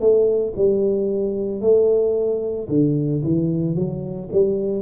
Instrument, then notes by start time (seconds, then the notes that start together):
tuba
0.00 A3
0.56 G3
1.61 A3
2.68 D3
3.23 E3
3.75 F#3
4.32 G3